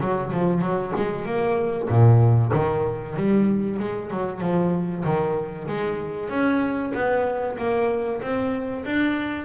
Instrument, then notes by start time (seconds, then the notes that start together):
double bass
0.00 F#3
0.32 F3
0.61 F#3
0.96 G#3
1.25 A#3
1.89 A#2
2.53 D#3
3.17 G3
3.80 G#3
4.10 F#3
4.40 F3
5.04 D#3
5.68 G#3
6.29 C#4
6.94 B3
7.58 A#3
8.22 C4
8.85 D4